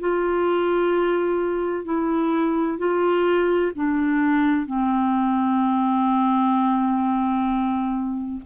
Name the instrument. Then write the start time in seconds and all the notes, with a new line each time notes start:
clarinet
0.00 F4
1.85 E4
2.78 F4
3.75 D4
4.66 C4